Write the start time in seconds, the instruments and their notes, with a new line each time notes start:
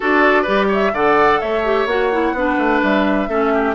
0.00 bassoon D4, clarinet F#4, oboe A4, flute D5
0.42 bassoon G3, clarinet G4, oboe B4
0.68 oboe C#5, flute E5
0.93 bassoon D3, clarinet A4, oboe D5, flute F#5
1.40 bassoon A3, oboe C#5, flute E5
1.64 clarinet G4
1.85 bassoon A#3, clarinet F#4, flute F#5
2.12 clarinet E4
2.32 bassoon B3, clarinet D4, oboe B4
2.57 bassoon A3
2.82 bassoon G3, flute E5
3.28 bassoon A3, clarinet C#4, oboe A4
3.54 oboe G4